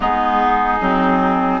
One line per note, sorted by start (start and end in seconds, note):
0.00 0.79 G#3
0.00 0.79 B3
0.00 1.60 D#4
0.00 1.60 G#4
0.80 1.60 F#3
0.80 1.60 C4